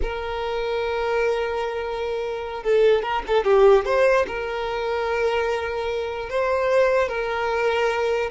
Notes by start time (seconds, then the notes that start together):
0.01 A#4
2.63 A4
3.02 A#4
3.27 A4
3.44 G4
3.85 C5
4.27 A#4
6.29 C5
7.08 A#4